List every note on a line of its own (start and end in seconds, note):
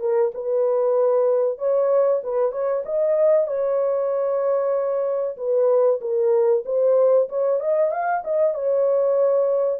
0.00 0.32 A#4
0.34 1.58 B4
1.58 2.21 C#5
2.23 2.51 B4
2.51 2.83 C#5
2.85 3.47 D#5
3.47 5.37 C#5
5.37 6.00 B4
6.01 6.64 A#4
6.65 7.28 C5
7.29 7.60 C#5
7.60 7.91 D#5
7.91 8.23 F5
8.24 8.54 D#5
8.54 9.80 C#5